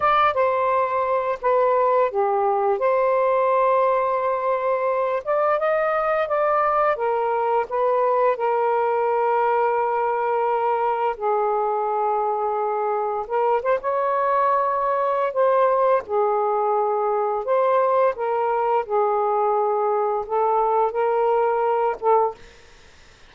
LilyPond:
\new Staff \with { instrumentName = "saxophone" } { \time 4/4 \tempo 4 = 86 d''8 c''4. b'4 g'4 | c''2.~ c''8 d''8 | dis''4 d''4 ais'4 b'4 | ais'1 |
gis'2. ais'8 c''16 cis''16~ | cis''2 c''4 gis'4~ | gis'4 c''4 ais'4 gis'4~ | gis'4 a'4 ais'4. a'8 | }